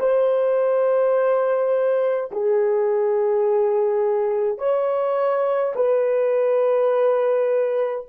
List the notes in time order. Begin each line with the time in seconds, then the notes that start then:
0.00 C5
2.32 G#4
4.58 C#5
5.75 B4